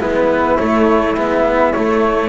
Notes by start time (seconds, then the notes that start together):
0.00 G#3 B3 E4 B4
0.58 A3 C#5
1.16 G#3 B3 E5
1.73 A3 C#5